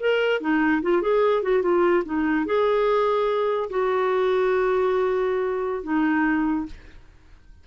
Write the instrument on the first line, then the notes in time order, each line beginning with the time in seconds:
clarinet
0.00 A#4
0.41 D#4
0.83 F4
1.02 G#4
1.43 F#4
1.63 F4
2.05 D#4
2.46 G#4
3.70 F#4
5.84 D#4